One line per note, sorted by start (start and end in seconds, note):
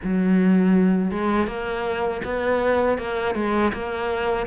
0.03 1.11 F#3
1.11 1.47 G#3
1.47 2.21 A#3
2.24 2.98 B3
2.98 3.34 A#3
3.34 3.71 G#3
3.73 4.46 A#3